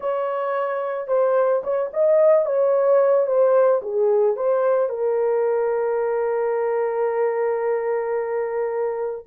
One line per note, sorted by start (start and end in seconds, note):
0.00 1.07 C#5
1.07 1.62 C5
1.63 1.91 C#5
1.93 2.45 D#5
2.45 3.26 C#5
3.26 3.81 C5
3.82 4.36 G#4
4.36 4.89 C5
4.89 9.25 A#4